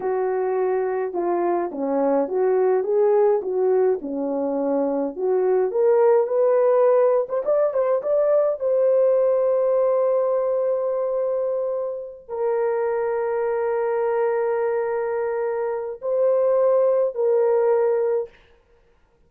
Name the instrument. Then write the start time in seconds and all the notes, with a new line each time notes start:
horn
0.00 F#4
1.13 F4
1.71 C#4
2.28 F#4
2.83 G#4
3.42 F#4
4.01 C#4
5.16 F#4
5.71 A#4
6.27 B4
7.29 C5
7.45 D5
7.73 C5
8.02 D5
8.59 C5
12.28 A#4
16.01 C5
17.15 A#4